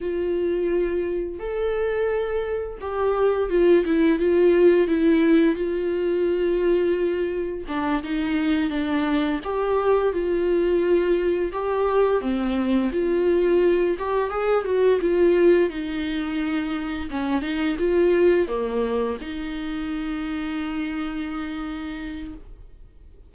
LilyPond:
\new Staff \with { instrumentName = "viola" } { \time 4/4 \tempo 4 = 86 f'2 a'2 | g'4 f'8 e'8 f'4 e'4 | f'2. d'8 dis'8~ | dis'8 d'4 g'4 f'4.~ |
f'8 g'4 c'4 f'4. | g'8 gis'8 fis'8 f'4 dis'4.~ | dis'8 cis'8 dis'8 f'4 ais4 dis'8~ | dis'1 | }